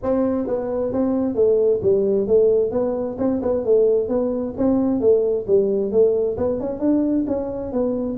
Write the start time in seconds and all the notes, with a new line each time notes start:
0.02 C4
0.47 B3
0.93 C4
1.35 A3
1.82 G3
2.27 A3
2.71 B3
3.18 C4
3.42 B3
3.65 A3
4.08 B3
4.57 C4
5.00 A3
5.47 G3
5.91 A3
6.37 B3
6.60 C#4
6.79 D4
7.27 C#4
7.72 B3